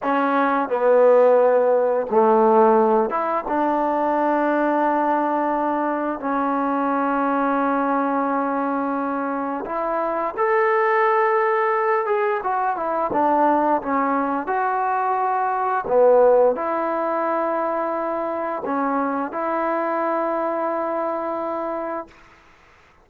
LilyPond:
\new Staff \with { instrumentName = "trombone" } { \time 4/4 \tempo 4 = 87 cis'4 b2 a4~ | a8 e'8 d'2.~ | d'4 cis'2.~ | cis'2 e'4 a'4~ |
a'4. gis'8 fis'8 e'8 d'4 | cis'4 fis'2 b4 | e'2. cis'4 | e'1 | }